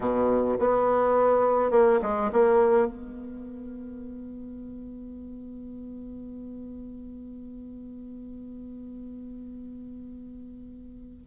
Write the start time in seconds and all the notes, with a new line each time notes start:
0.00 B2
0.59 B3
1.70 A#3
2.01 G#3
2.32 A#3
2.86 B3